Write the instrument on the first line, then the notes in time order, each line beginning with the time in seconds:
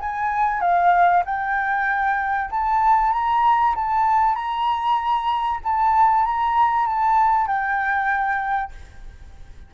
flute
0.00 G#5
0.61 F5
1.25 G5
2.51 A5
3.12 A#5
3.75 A5
4.35 A#5
5.64 A5
6.25 A#5
6.87 A5
7.47 G5